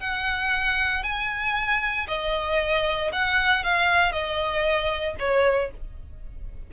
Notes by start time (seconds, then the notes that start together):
0.00 F#5
1.03 G#5
2.08 D#5
3.13 F#5
3.64 F5
4.12 D#5
5.19 C#5